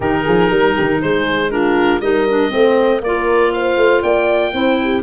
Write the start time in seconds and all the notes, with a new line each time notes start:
0.00 D#3 D#4 G4 A#4
0.24 F3 G#4
0.49 G3 A#4
0.76 D#3 G4
1.01 G#3 G#4 C5
1.50 D4 F4 A#4
2.00 G3 D#4 A#4 D#5
2.29 D4
2.49 A3 C4 C5
3.01 A#3 F4 A#4 D5
3.52 C5 F5
3.77 A3
4.02 A#3 D5 G5
4.52 C4 E4 C5
4.83 G4